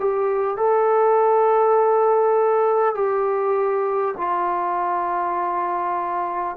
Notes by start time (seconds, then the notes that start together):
0.00 G4
0.57 A4
2.95 G4
4.17 F4